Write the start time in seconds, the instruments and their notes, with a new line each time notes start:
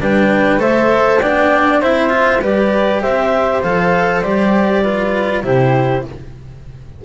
0.00 double bass G3, cello D4, flute B4, clarinet G5
0.58 double bass A3, cello A4, flute C5, clarinet E5
1.19 double bass B3, cello D4, flute D5, clarinet G5
1.81 double bass C4, cello E4, flute C5, clarinet E5
2.09 cello F4
2.41 double bass G3, cello G4, flute B4, clarinet D5
3.02 double bass C4, flute C5, clarinet E5
3.63 double bass F3, cello A4, clarinet F5
4.22 double bass G3, cello G4, clarinet D5
4.83 cello F4, flute B4
5.43 double bass C3, cello E4, flute G4, clarinet C5